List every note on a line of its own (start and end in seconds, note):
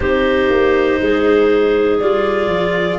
0.00 0.49 C4
0.00 1.99 D#4
0.00 1.00 G4
0.00 1.99 C5
0.49 0.99 A#3
1.01 2.01 G#3
1.01 2.98 G#4
1.99 2.47 G3
1.99 2.98 F4
1.99 2.98 D5
2.47 2.97 F3